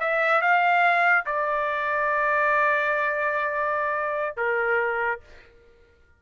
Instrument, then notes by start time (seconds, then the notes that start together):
trumpet
0.00 E5
0.42 F5
1.26 D5
4.37 A#4